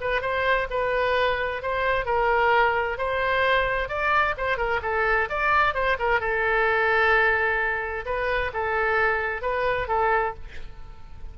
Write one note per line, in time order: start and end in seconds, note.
0.00 0.21 B4
0.21 0.67 C5
0.70 1.62 B4
1.62 2.05 C5
2.05 2.97 A#4
2.97 3.88 C5
3.88 4.34 D5
4.37 4.57 C5
4.57 4.80 A#4
4.82 5.28 A4
5.29 5.74 D5
5.74 5.97 C5
5.99 6.20 A#4
6.20 8.05 A4
8.05 8.51 B4
8.53 9.41 A4
9.41 9.87 B4
9.87 10.34 A4